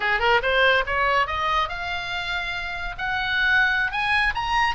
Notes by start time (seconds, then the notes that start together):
0.00 G#4
0.19 A#4
0.42 C5
0.86 C#5
1.27 D#5
1.69 F5
2.98 F#5
3.91 G#5
4.34 A#5